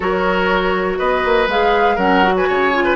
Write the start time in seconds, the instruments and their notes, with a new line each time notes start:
0.00 bassoon F#3, clarinet F#4, oboe A#4, flute C#5
0.98 bassoon B3, oboe B4, flute D#5
1.25 bassoon A#3
1.47 bassoon G#3, clarinet G#4, flute F5
1.95 bassoon F#3, clarinet C#4, oboe A#4, flute F#5
2.23 clarinet F#4
2.36 oboe B4, flute G#5
2.48 bassoon C#3, oboe C#5
2.73 clarinet F4
2.84 oboe B4